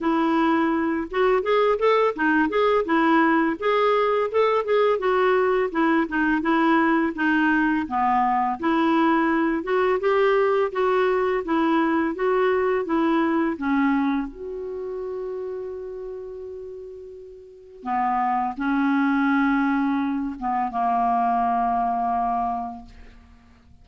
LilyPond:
\new Staff \with { instrumentName = "clarinet" } { \time 4/4 \tempo 4 = 84 e'4. fis'8 gis'8 a'8 dis'8 gis'8 | e'4 gis'4 a'8 gis'8 fis'4 | e'8 dis'8 e'4 dis'4 b4 | e'4. fis'8 g'4 fis'4 |
e'4 fis'4 e'4 cis'4 | fis'1~ | fis'4 b4 cis'2~ | cis'8 b8 ais2. | }